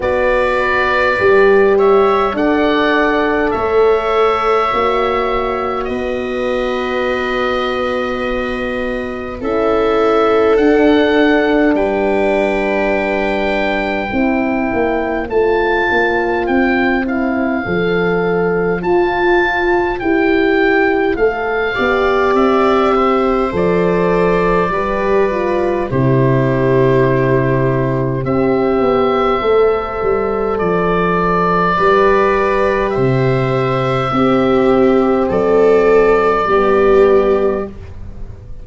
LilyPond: <<
  \new Staff \with { instrumentName = "oboe" } { \time 4/4 \tempo 4 = 51 d''4. e''8 fis''4 e''4~ | e''4 dis''2. | e''4 fis''4 g''2~ | g''4 a''4 g''8 f''4. |
a''4 g''4 f''4 e''4 | d''2 c''2 | e''2 d''2 | e''2 d''2 | }
  \new Staff \with { instrumentName = "viola" } { \time 4/4 b'4. cis''8 d''4 cis''4~ | cis''4 b'2. | a'2 b'2 | c''1~ |
c''2~ c''8 d''4 c''8~ | c''4 b'4 g'2 | c''2. b'4 | c''4 g'4 a'4 g'4 | }
  \new Staff \with { instrumentName = "horn" } { \time 4/4 fis'4 g'4 a'2 | fis'1 | e'4 d'2. | e'4 f'4. e'8 a'4 |
f'4 g'4 a'8 g'4. | a'4 g'8 f'8 e'2 | g'4 a'2 g'4~ | g'4 c'2 b4 | }
  \new Staff \with { instrumentName = "tuba" } { \time 4/4 b4 g4 d'4 a4 | ais4 b2. | cis'4 d'4 g2 | c'8 ais8 a8 ais8 c'4 f4 |
f'4 e'4 a8 b8 c'4 | f4 g4 c2 | c'8 b8 a8 g8 f4 g4 | c4 c'4 fis4 g4 | }
>>